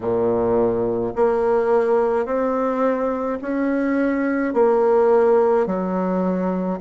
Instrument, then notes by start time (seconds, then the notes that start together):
bassoon
0.00 A#2
1.15 A#3
2.25 C4
3.41 C#4
4.53 A#3
5.66 F#3